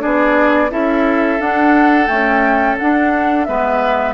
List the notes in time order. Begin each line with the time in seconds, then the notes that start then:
0.00 B3 D4 G#4 D5
0.71 C#4 E4 A4 E5
1.40 D4 F#5
2.07 A3 C#4 G5
2.79 D4 F#5
3.45 G#3 B3 B4 E5